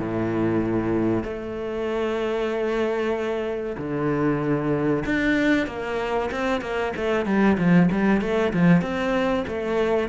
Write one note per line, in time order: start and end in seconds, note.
0.00 1.24 A2
1.24 3.77 A3
3.78 5.04 D3
5.06 5.67 D4
5.67 6.30 A#3
6.32 6.61 C4
6.61 6.93 A#3
6.97 7.26 A3
7.26 7.58 G3
7.58 7.89 F3
7.92 8.22 G3
8.22 8.53 A3
8.53 8.82 F3
8.82 9.45 C4
9.48 10.09 A3